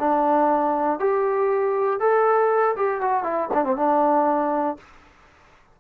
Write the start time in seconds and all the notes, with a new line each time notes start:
0.00 D4
1.00 G4
2.01 A4
2.77 G4
3.02 F#4
3.24 E4
3.54 D4
3.65 C4
3.77 D4